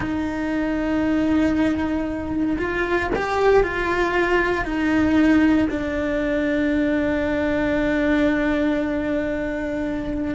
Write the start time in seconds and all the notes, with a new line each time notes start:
0.00 D#4
2.58 F4
3.15 G4
3.63 F4
4.64 D#4
5.70 D4